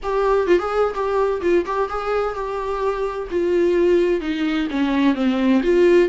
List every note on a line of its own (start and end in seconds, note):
0.02 0.47 G4
0.47 0.58 F4
0.58 0.94 G#4
0.94 1.41 G4
1.41 1.65 F4
1.65 1.89 G4
1.89 2.34 G#4
2.34 3.28 G4
3.30 4.20 F4
4.20 4.67 D#4
4.70 5.14 C#4
5.14 5.61 C4
5.63 6.08 F4